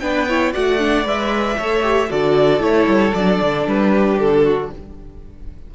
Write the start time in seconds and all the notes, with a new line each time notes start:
0.00 B3 D4 B4 G5
0.28 E4 C#5
0.53 A3 F#4 D5 F#5
0.79 D4
1.04 G#3 B4 E5
1.58 A3 A4 C#5
1.82 G4
2.09 D3 F#4 A4 D5
2.60 A3 E4 C#5
2.87 G3
3.14 F#3 D4 D5
3.42 D3
3.67 G3 B4
3.94 G4
4.18 D3 A4
4.44 F#4